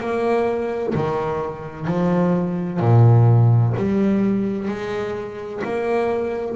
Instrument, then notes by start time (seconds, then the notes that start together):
double bass
0.00 A#3
0.95 D#3
1.87 F3
2.80 A#2
3.77 G3
4.68 G#3
5.65 A#3